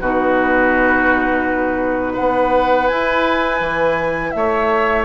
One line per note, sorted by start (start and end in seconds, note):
0.00 2.17 B2
0.00 2.91 D#4
0.00 2.13 F#4
0.00 2.16 B4
2.13 4.30 B4
2.13 2.87 F#5
2.19 2.90 B3
2.87 3.60 E4
2.87 5.05 E4
2.87 4.31 G#5
3.60 4.32 E3
4.31 5.05 A3
4.31 5.05 C#5
4.31 5.03 E5